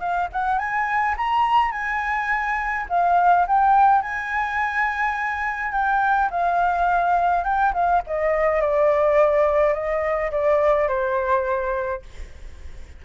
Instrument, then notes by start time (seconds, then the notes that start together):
flute
0.00 F5
0.32 F#5
0.58 G#5
1.17 A#5
1.71 G#5
2.89 F5
3.47 G5
4.02 G#5
5.72 G5
6.30 F5
7.44 G5
7.73 F5
8.06 D#5
8.61 D5
9.74 D#5
10.31 D5
10.88 C5